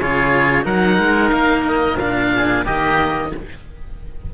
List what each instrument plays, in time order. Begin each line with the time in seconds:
0.00 cello C#3 F4, oboe G#4 C#5
0.62 cello F#3 D#4, oboe A#4 F#5
0.98 cello G#3
1.31 cello A#3, oboe F5
1.68 oboe D#5
1.98 cello A#2 D4, oboe F5
2.36 oboe G#4
2.65 cello D#3 A#3, oboe G4 D#5